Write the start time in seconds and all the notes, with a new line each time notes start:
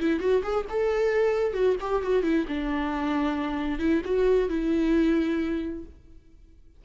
0.00 E4
0.20 F#4
0.43 G#4
0.70 A4
1.54 F#4
1.81 G4
2.03 F#4
2.23 E4
2.48 D4
3.79 E4
4.05 F#4
4.49 E4